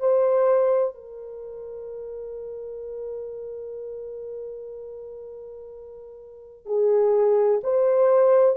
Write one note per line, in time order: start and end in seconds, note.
0.00 0.95 C5
0.95 6.66 A#4
6.66 7.61 G#4
7.64 8.57 C5